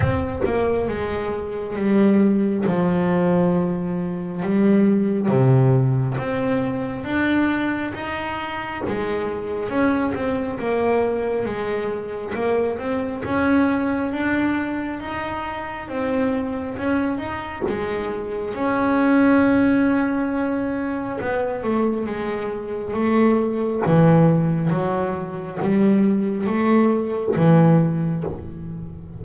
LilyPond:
\new Staff \with { instrumentName = "double bass" } { \time 4/4 \tempo 4 = 68 c'8 ais8 gis4 g4 f4~ | f4 g4 c4 c'4 | d'4 dis'4 gis4 cis'8 c'8 | ais4 gis4 ais8 c'8 cis'4 |
d'4 dis'4 c'4 cis'8 dis'8 | gis4 cis'2. | b8 a8 gis4 a4 e4 | fis4 g4 a4 e4 | }